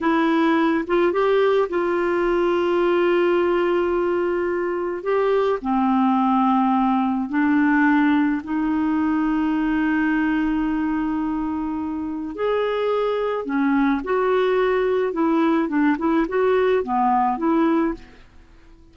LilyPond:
\new Staff \with { instrumentName = "clarinet" } { \time 4/4 \tempo 4 = 107 e'4. f'8 g'4 f'4~ | f'1~ | f'4 g'4 c'2~ | c'4 d'2 dis'4~ |
dis'1~ | dis'2 gis'2 | cis'4 fis'2 e'4 | d'8 e'8 fis'4 b4 e'4 | }